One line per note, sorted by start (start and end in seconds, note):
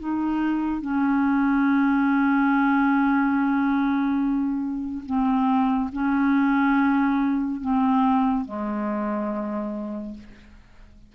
0.00 0.82 D#4
0.82 5.05 C#4
5.06 5.91 C4
5.93 7.62 C#4
7.62 8.45 C4
8.45 10.14 G#3